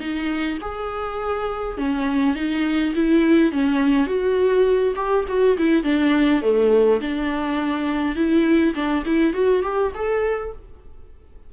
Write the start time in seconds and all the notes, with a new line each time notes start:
0.00 D#4
0.61 G#4
1.78 C#4
2.35 D#4
2.95 E4
3.52 C#4
4.07 F#4
4.96 G4
5.28 F#4
5.58 E4
5.84 D4
6.42 A3
7.01 D4
8.16 E4
8.75 D4
9.06 E4
9.34 F#4
9.63 G4
9.95 A4